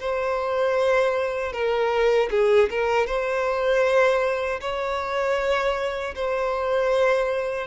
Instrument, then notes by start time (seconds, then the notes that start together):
violin
0.00 C5
1.53 A#4
2.31 G#4
2.71 A#4
3.07 C5
4.61 C#5
6.15 C5